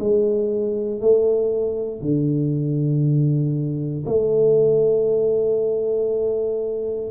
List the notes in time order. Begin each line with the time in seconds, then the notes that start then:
0.00 G#3
1.01 A3
2.02 D3
4.06 A3